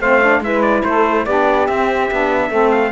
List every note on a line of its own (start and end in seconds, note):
0.00 0.40 A3
0.00 0.22 C4
0.00 0.42 C5
0.00 0.43 F5
0.22 0.42 D4
0.40 0.82 G#3
0.40 1.26 E4
0.40 0.85 B4
0.40 0.62 E5
0.62 0.83 D5
0.84 1.26 A3
0.84 1.25 A4
0.84 1.25 C5
1.25 1.68 B3
1.25 1.68 D4
1.25 2.49 G4
1.25 1.67 D5
1.67 2.10 C4
1.67 2.71 E5
2.11 2.50 B3
2.11 2.51 D4
2.49 2.92 A3
2.49 2.92 C4
2.49 2.91 A4
2.71 2.92 F5